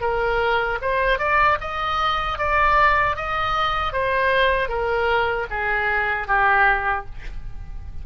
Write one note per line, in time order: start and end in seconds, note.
0.00 0.78 A#4
0.81 1.18 C5
1.18 1.57 D5
1.60 2.38 D#5
2.38 3.16 D5
3.16 3.92 D#5
3.92 4.68 C5
4.68 5.46 A#4
5.50 6.27 G#4
6.27 7.05 G4